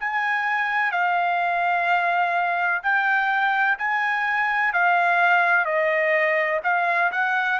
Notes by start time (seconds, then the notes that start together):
0.00 G#5
0.92 F5
2.83 G5
3.79 G#5
4.74 F5
5.66 D#5
6.64 F5
7.12 F#5